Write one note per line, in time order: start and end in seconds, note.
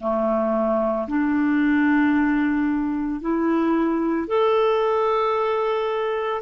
0.00 1.07 A3
1.08 3.21 D4
3.21 4.28 E4
4.28 6.42 A4